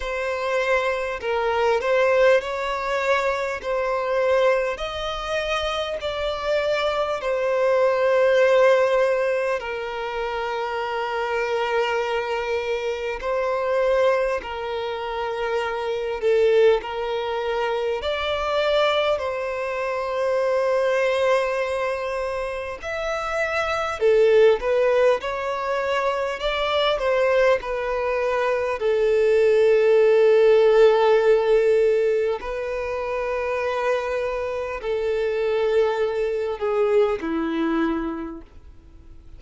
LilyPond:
\new Staff \with { instrumentName = "violin" } { \time 4/4 \tempo 4 = 50 c''4 ais'8 c''8 cis''4 c''4 | dis''4 d''4 c''2 | ais'2. c''4 | ais'4. a'8 ais'4 d''4 |
c''2. e''4 | a'8 b'8 cis''4 d''8 c''8 b'4 | a'2. b'4~ | b'4 a'4. gis'8 e'4 | }